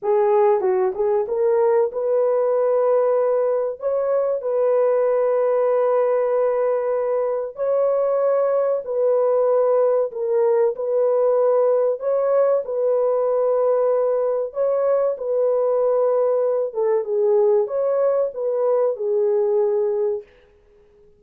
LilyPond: \new Staff \with { instrumentName = "horn" } { \time 4/4 \tempo 4 = 95 gis'4 fis'8 gis'8 ais'4 b'4~ | b'2 cis''4 b'4~ | b'1 | cis''2 b'2 |
ais'4 b'2 cis''4 | b'2. cis''4 | b'2~ b'8 a'8 gis'4 | cis''4 b'4 gis'2 | }